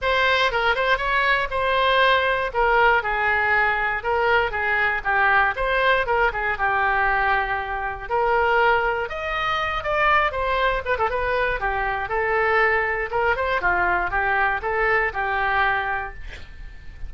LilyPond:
\new Staff \with { instrumentName = "oboe" } { \time 4/4 \tempo 4 = 119 c''4 ais'8 c''8 cis''4 c''4~ | c''4 ais'4 gis'2 | ais'4 gis'4 g'4 c''4 | ais'8 gis'8 g'2. |
ais'2 dis''4. d''8~ | d''8 c''4 b'16 a'16 b'4 g'4 | a'2 ais'8 c''8 f'4 | g'4 a'4 g'2 | }